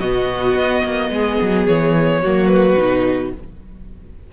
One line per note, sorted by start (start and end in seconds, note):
0.00 0.55 B2
0.00 2.25 B3
0.00 1.11 F#4
0.00 1.67 D#5
0.55 0.83 B3
0.85 1.11 A#3
1.11 1.38 G#3
1.11 2.22 G#4
1.42 1.68 F#3
1.67 2.23 E3
1.67 2.47 C#5
2.22 2.77 F#3
2.22 2.78 A#3
2.22 3.33 F#4
2.47 3.31 B4
2.77 3.33 B2
2.77 3.33 D#4